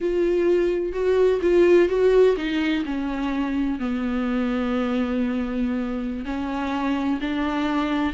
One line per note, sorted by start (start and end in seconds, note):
0.00 0.92 F4
0.92 1.40 F#4
1.41 1.88 F4
1.88 2.36 F#4
2.36 2.84 D#4
2.85 3.79 C#4
3.79 6.25 B3
6.25 7.19 C#4
7.20 8.13 D4